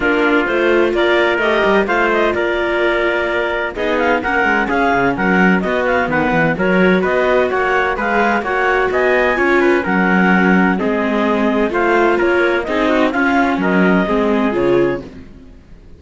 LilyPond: <<
  \new Staff \with { instrumentName = "clarinet" } { \time 4/4 \tempo 4 = 128 ais'4 c''4 d''4 dis''4 | f''8 dis''8 d''2. | dis''8 f''8 fis''4 f''4 fis''4 | dis''8 f''8 fis''4 cis''4 dis''4 |
fis''4 f''4 fis''4 gis''4~ | gis''4 fis''2 dis''4~ | dis''4 f''4 cis''4 dis''4 | f''4 dis''2 cis''4 | }
  \new Staff \with { instrumentName = "trumpet" } { \time 4/4 f'2 ais'2 | c''4 ais'2. | gis'4 ais'4 gis'4 ais'4 | fis'4 b'4 ais'4 b'4 |
cis''4 b'4 cis''4 dis''4 | cis''8 b'8 ais'2 gis'4~ | gis'4 c''4 ais'4 gis'8 fis'8 | f'4 ais'4 gis'2 | }
  \new Staff \with { instrumentName = "viola" } { \time 4/4 d'4 f'2 g'4 | f'1 | dis'4 cis'2. | b2 fis'2~ |
fis'4 gis'4 fis'2 | f'4 cis'2 c'4~ | c'4 f'2 dis'4 | cis'2 c'4 f'4 | }
  \new Staff \with { instrumentName = "cello" } { \time 4/4 ais4 a4 ais4 a8 g8 | a4 ais2. | b4 ais8 gis8 cis'8 cis8 fis4 | b4 dis8 e8 fis4 b4 |
ais4 gis4 ais4 b4 | cis'4 fis2 gis4~ | gis4 a4 ais4 c'4 | cis'4 fis4 gis4 cis4 | }
>>